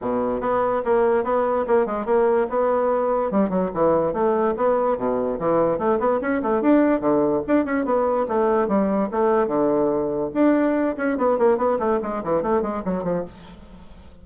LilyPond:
\new Staff \with { instrumentName = "bassoon" } { \time 4/4 \tempo 4 = 145 b,4 b4 ais4 b4 | ais8 gis8 ais4 b2 | g8 fis8 e4 a4 b4 | b,4 e4 a8 b8 cis'8 a8 |
d'4 d4 d'8 cis'8 b4 | a4 g4 a4 d4~ | d4 d'4. cis'8 b8 ais8 | b8 a8 gis8 e8 a8 gis8 fis8 f8 | }